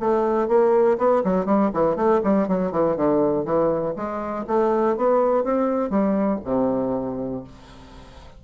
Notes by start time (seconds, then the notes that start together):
0.00 A3
0.48 A#3
0.98 B3
1.24 F#3
1.46 G3
1.73 E3
1.96 A3
2.23 G3
2.48 F#3
2.72 E3
2.96 D3
3.45 E3
3.96 G#3
4.47 A3
4.97 B3
5.44 C4
5.90 G3
6.44 C3